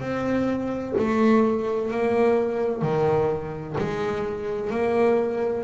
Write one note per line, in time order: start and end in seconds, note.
0.00 0.94 C4
0.98 1.90 A3
1.90 2.82 A#3
2.82 3.75 D#3
3.77 4.70 G#3
4.70 5.64 A#3